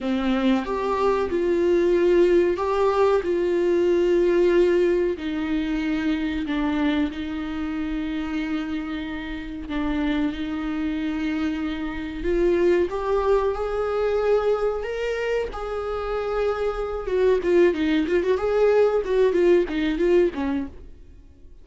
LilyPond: \new Staff \with { instrumentName = "viola" } { \time 4/4 \tempo 4 = 93 c'4 g'4 f'2 | g'4 f'2. | dis'2 d'4 dis'4~ | dis'2. d'4 |
dis'2. f'4 | g'4 gis'2 ais'4 | gis'2~ gis'8 fis'8 f'8 dis'8 | f'16 fis'16 gis'4 fis'8 f'8 dis'8 f'8 cis'8 | }